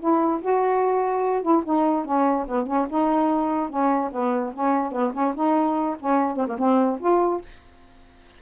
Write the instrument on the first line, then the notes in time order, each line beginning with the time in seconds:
saxophone
0.00 E4
0.41 F#4
1.43 E4
1.65 D#4
2.05 C#4
2.48 B3
2.67 C#4
2.90 D#4
3.70 C#4
4.12 B3
4.54 C#4
4.92 B3
5.14 C#4
5.35 D#4
6.00 C#4
6.37 C4
6.48 A#3
6.58 C4
7.00 F4